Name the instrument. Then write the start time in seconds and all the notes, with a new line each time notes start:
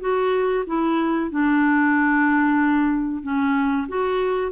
clarinet
0.00 F#4
0.67 E4
1.30 D4
3.23 C#4
3.88 F#4